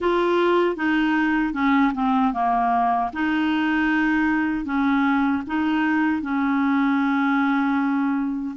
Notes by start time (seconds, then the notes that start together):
0.00 F4
0.76 D#4
1.53 C#4
1.94 C4
2.33 A#3
3.13 D#4
4.65 C#4
5.46 D#4
6.21 C#4